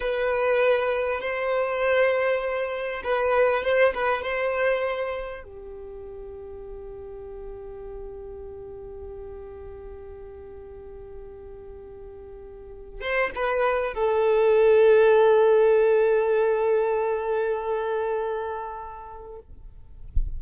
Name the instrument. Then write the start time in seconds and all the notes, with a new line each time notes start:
violin
0.00 B4
1.20 C5
3.03 B4
3.63 C5
3.94 B4
4.22 C5
5.43 G4
13.00 C5
13.35 B4
13.94 A4